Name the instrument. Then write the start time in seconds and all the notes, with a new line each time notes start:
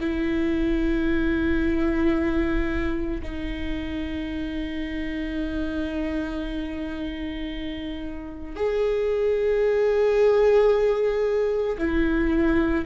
viola
0.00 E4
3.22 D#4
8.56 G#4
11.78 E4